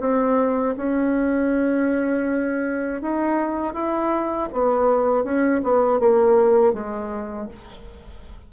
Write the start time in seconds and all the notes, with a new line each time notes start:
0.00 C4
0.77 C#4
3.02 D#4
3.74 E4
4.52 B3
5.24 C#4
5.63 B3
6.00 A#3
6.73 G#3